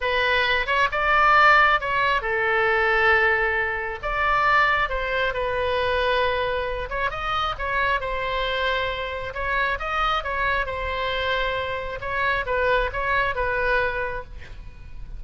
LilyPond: \new Staff \with { instrumentName = "oboe" } { \time 4/4 \tempo 4 = 135 b'4. cis''8 d''2 | cis''4 a'2.~ | a'4 d''2 c''4 | b'2.~ b'8 cis''8 |
dis''4 cis''4 c''2~ | c''4 cis''4 dis''4 cis''4 | c''2. cis''4 | b'4 cis''4 b'2 | }